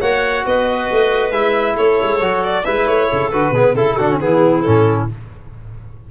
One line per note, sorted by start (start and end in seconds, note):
0.00 0.45 A#3
0.00 1.32 F#4
0.00 0.44 C#5
0.00 0.44 F#5
0.45 0.89 B3
0.45 1.74 B4
0.45 1.31 D#5
0.91 1.31 A3
1.31 1.75 G#3
1.31 2.20 E4
1.31 1.75 E5
1.74 2.00 A3
1.74 2.63 A4
1.74 2.43 C#5
2.02 2.20 G#3
2.20 2.64 F#3
2.20 2.64 F#4
2.43 2.64 D5
2.63 2.87 G#3
2.63 3.32 E4
2.63 3.08 B4
2.63 2.86 E5
2.86 3.09 A3
2.86 3.30 C#5
3.08 3.32 C#3
3.08 3.52 A4
3.31 3.51 D3
3.31 3.54 F#4
3.31 3.75 B4
3.51 3.73 B2
3.51 3.76 B3
3.51 3.74 G#4
3.74 3.96 C#3
3.74 3.98 E4
3.74 4.19 A4
3.74 3.97 A4
3.97 4.20 D3
3.97 4.10 D4
3.97 4.19 F#4
4.10 4.20 C#4
4.20 4.64 E3
4.20 4.64 B3
4.20 5.10 E4
4.20 4.61 G#4
4.61 5.11 A2
4.61 5.09 C#4
4.61 5.05 A4